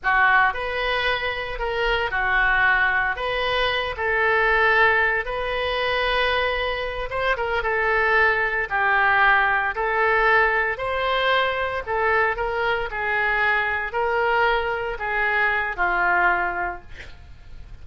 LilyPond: \new Staff \with { instrumentName = "oboe" } { \time 4/4 \tempo 4 = 114 fis'4 b'2 ais'4 | fis'2 b'4. a'8~ | a'2 b'2~ | b'4. c''8 ais'8 a'4.~ |
a'8 g'2 a'4.~ | a'8 c''2 a'4 ais'8~ | ais'8 gis'2 ais'4.~ | ais'8 gis'4. f'2 | }